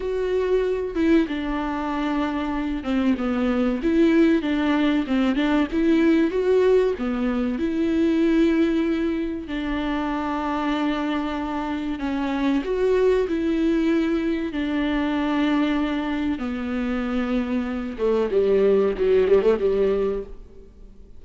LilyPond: \new Staff \with { instrumentName = "viola" } { \time 4/4 \tempo 4 = 95 fis'4. e'8 d'2~ | d'8 c'8 b4 e'4 d'4 | c'8 d'8 e'4 fis'4 b4 | e'2. d'4~ |
d'2. cis'4 | fis'4 e'2 d'4~ | d'2 b2~ | b8 a8 g4 fis8 g16 a16 g4 | }